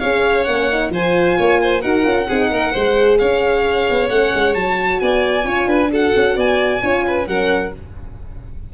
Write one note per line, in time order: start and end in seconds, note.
0.00 0.48 C#4
0.00 0.47 G#4
0.00 0.91 C#5
0.00 0.45 F5
0.45 0.90 A#3
0.45 0.71 C#4
0.45 0.90 F#5
0.71 0.94 D#4
0.90 1.36 F3
0.90 1.82 F4
0.90 1.38 C5
0.90 1.82 G#5
1.38 1.84 A#3
1.38 1.61 C#5
1.62 1.82 C5
1.82 2.06 D#4
1.82 2.03 F#4
1.82 2.27 A#4
1.82 3.18 F#5
2.03 2.29 C#4
2.03 2.26 F4
2.29 2.51 C4
2.29 2.76 D#4
2.29 2.51 G#4
2.51 2.74 A#3
2.51 2.73 A#4
2.73 3.21 G#3
2.73 4.11 G#4
2.73 3.18 C5
3.19 3.90 C#4
3.19 5.02 C#5
3.19 4.10 F5
3.91 4.10 B3
4.10 4.33 A3
4.10 4.56 C#4
4.10 4.55 F#5
4.35 4.56 G#3
4.55 5.01 F#3
4.55 5.44 F#4
4.55 5.00 A5
5.00 5.45 B3
5.00 5.47 D5
5.00 5.91 G#5
5.44 5.67 C#4
5.44 5.89 F4
5.44 5.69 C#5
5.67 6.12 D4
5.67 5.91 B4
5.92 6.82 F#4
5.92 6.36 A4
5.92 6.40 F#5
6.17 6.37 C#4
6.36 6.82 B3
6.36 6.82 D5
6.36 7.28 G#5
6.82 7.28 C#4
6.82 7.26 F4
6.82 7.06 C#5
7.07 7.29 B4
7.26 7.73 F#3
7.26 7.71 C#4
7.26 7.74 A#4
7.26 7.73 F#5